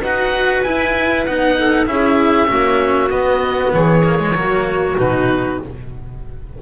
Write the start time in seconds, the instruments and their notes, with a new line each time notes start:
0.00 double bass D#4, cello F#4, clarinet B4, oboe F#5
0.63 double bass E4, cello E4, oboe G#5
1.26 double bass B3, cello D#4, oboe F#5
1.58 clarinet A4
1.86 double bass C#4, cello E4, clarinet G#4, oboe E5
2.47 double bass A#3, cello C#4, clarinet F#4
3.10 cello B3, double bass B3, oboe D#5
3.73 double bass E3, clarinet G#4, oboe C#5
4.04 cello A#3
4.19 cello G#3
4.34 double bass F#3, cello A#3, clarinet F#4
4.97 double bass B2, cello D#4, oboe B4